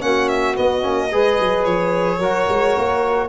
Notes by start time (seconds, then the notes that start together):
0.00 A#3 C#4 F#4 F#5
0.28 E5
0.55 B3 D#5
0.81 A#3 C#4
1.11 G#3 G#4 B4
1.40 F#3
1.64 F3 C#5
2.17 F#3 F#4 A#4
2.48 G#3
2.77 A#3